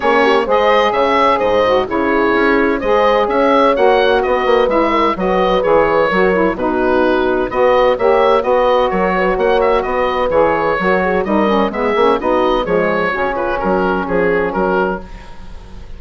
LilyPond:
<<
  \new Staff \with { instrumentName = "oboe" } { \time 4/4 \tempo 4 = 128 cis''4 dis''4 e''4 dis''4 | cis''2 dis''4 e''4 | fis''4 dis''4 e''4 dis''4 | cis''2 b'2 |
dis''4 e''4 dis''4 cis''4 | fis''8 e''8 dis''4 cis''2 | dis''4 e''4 dis''4 cis''4~ | cis''8 b'8 ais'4 gis'4 ais'4 | }
  \new Staff \with { instrumentName = "horn" } { \time 4/4 gis'8 g'8 c''4 cis''4 c''4 | gis'2 c''4 cis''4~ | cis''4 b'4. ais'8 b'4~ | b'4 ais'4 fis'2 |
b'4 cis''4 b'4 ais'8 b'8 | cis''4 b'2 ais'8 gis'8 | ais'4 gis'4 fis'4 gis'4 | fis'8 f'8 fis'4 gis'4 fis'4 | }
  \new Staff \with { instrumentName = "saxophone" } { \time 4/4 cis'4 gis'2~ gis'8 fis'8 | e'2 gis'2 | fis'2 e'4 fis'4 | gis'4 fis'8 e'8 dis'2 |
fis'4 g'4 fis'2~ | fis'2 gis'4 fis'4 | dis'8 cis'8 b8 cis'8 dis'4 gis4 | cis'1 | }
  \new Staff \with { instrumentName = "bassoon" } { \time 4/4 ais4 gis4 cis4 gis,4 | cis4 cis'4 gis4 cis'4 | ais4 b8 ais8 gis4 fis4 | e4 fis4 b,2 |
b4 ais4 b4 fis4 | ais4 b4 e4 fis4 | g4 gis8 ais8 b4 f4 | cis4 fis4 f4 fis4 | }
>>